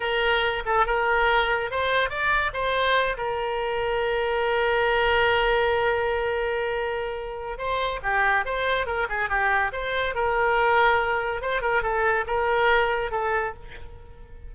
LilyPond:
\new Staff \with { instrumentName = "oboe" } { \time 4/4 \tempo 4 = 142 ais'4. a'8 ais'2 | c''4 d''4 c''4. ais'8~ | ais'1~ | ais'1~ |
ais'2 c''4 g'4 | c''4 ais'8 gis'8 g'4 c''4 | ais'2. c''8 ais'8 | a'4 ais'2 a'4 | }